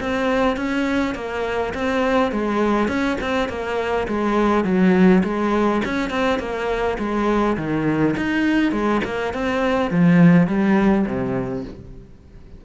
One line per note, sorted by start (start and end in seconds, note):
0.00 0.56 C4
0.56 1.14 C#4
1.15 1.73 A#3
1.74 2.31 C4
2.31 2.88 G#3
2.88 3.17 C#4
3.21 3.49 C4
3.49 4.07 A#3
4.07 4.64 G#3
4.64 5.23 F#3
5.23 5.82 G#3
5.85 6.10 C#4
6.10 6.39 C4
6.39 6.97 A#3
6.98 7.56 G#3
7.57 8.15 D#3
8.17 8.72 D#4
8.72 9.01 G#3
9.04 9.33 A#3
9.33 9.91 C4
9.91 10.47 F3
10.47 11.05 G3
11.06 11.64 C3